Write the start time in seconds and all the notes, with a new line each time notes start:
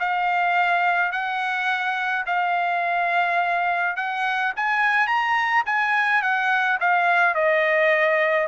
0.00 F5
1.12 F#5
2.26 F5
3.96 F#5
4.56 G#5
5.07 A#5
5.66 G#5
6.22 F#5
6.80 F5
7.35 D#5